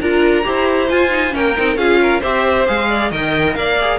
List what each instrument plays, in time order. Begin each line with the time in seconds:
0.00 cello D4, viola F4, violin A#4 A#5
0.43 cello E4, viola G4, violin C5
0.89 viola F4, cello F4, violin G#5
1.10 viola D#4
1.30 cello A#3, viola C#4, violin A#4 G5
1.56 cello C4, viola D#4
1.75 cello C#4, viola F4, violin G#4 F5
2.01 violin A#4
2.20 cello C4, viola G4, violin C5 E5
2.66 cello G#3, viola G#4, violin F5
2.89 violin D5
3.11 cello D#3, viola A#4, violin D#5 G5
3.55 cello A#3, violin D5 F5
3.80 viola G#4